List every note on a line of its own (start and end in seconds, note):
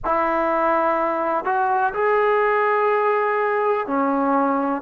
0.04 1.45 E4
1.45 1.93 F#4
1.93 3.86 G#4
3.86 4.82 C#4